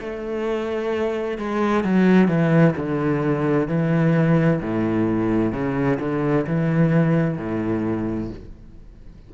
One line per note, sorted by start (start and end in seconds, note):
0.00 1.38 A3
1.38 1.84 G#3
1.84 2.28 F#3
2.28 2.74 E3
2.77 3.68 D3
3.68 4.61 E3
4.62 5.53 A2
5.53 5.99 C#3
6.00 6.46 D3
6.47 7.38 E3
7.38 8.30 A2